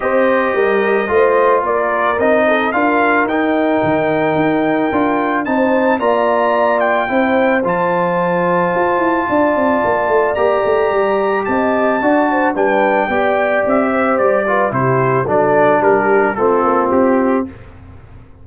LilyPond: <<
  \new Staff \with { instrumentName = "trumpet" } { \time 4/4 \tempo 4 = 110 dis''2. d''4 | dis''4 f''4 g''2~ | g''2 a''4 ais''4~ | ais''8 g''4. a''2~ |
a''2. ais''4~ | ais''4 a''2 g''4~ | g''4 e''4 d''4 c''4 | d''4 ais'4 a'4 g'4 | }
  \new Staff \with { instrumentName = "horn" } { \time 4/4 c''4 ais'4 c''4 ais'4~ | ais'8 a'8 ais'2.~ | ais'2 c''4 d''4~ | d''4 c''2.~ |
c''4 d''2.~ | d''4 dis''4 d''8 c''8 b'4 | d''4. c''4 b'8 g'4 | a'4 g'4 f'2 | }
  \new Staff \with { instrumentName = "trombone" } { \time 4/4 g'2 f'2 | dis'4 f'4 dis'2~ | dis'4 f'4 dis'4 f'4~ | f'4 e'4 f'2~ |
f'2. g'4~ | g'2 fis'4 d'4 | g'2~ g'8 f'8 e'4 | d'2 c'2 | }
  \new Staff \with { instrumentName = "tuba" } { \time 4/4 c'4 g4 a4 ais4 | c'4 d'4 dis'4 dis4 | dis'4 d'4 c'4 ais4~ | ais4 c'4 f2 |
f'8 e'8 d'8 c'8 ais8 a8 ais8 a8 | g4 c'4 d'4 g4 | b4 c'4 g4 c4 | fis4 g4 a8 ais8 c'4 | }
>>